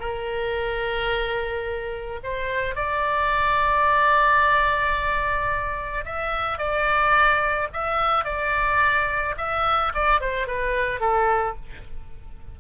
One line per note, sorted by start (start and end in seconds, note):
0.00 2.20 A#4
2.24 2.75 C5
2.75 6.06 D5
6.06 6.59 E5
6.59 7.69 D5
7.73 8.25 E5
8.25 9.35 D5
9.38 9.93 E5
9.95 10.21 D5
10.21 10.47 C5
10.47 11.01 B4
11.01 11.56 A4